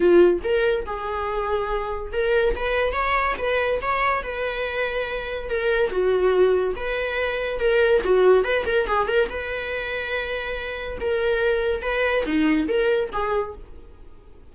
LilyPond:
\new Staff \with { instrumentName = "viola" } { \time 4/4 \tempo 4 = 142 f'4 ais'4 gis'2~ | gis'4 ais'4 b'4 cis''4 | b'4 cis''4 b'2~ | b'4 ais'4 fis'2 |
b'2 ais'4 fis'4 | b'8 ais'8 gis'8 ais'8 b'2~ | b'2 ais'2 | b'4 dis'4 ais'4 gis'4 | }